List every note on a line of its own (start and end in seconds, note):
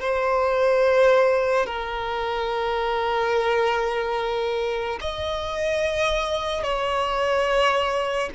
0.00 1.66 C5
1.66 4.99 A#4
5.01 6.63 D#5
6.63 8.30 C#5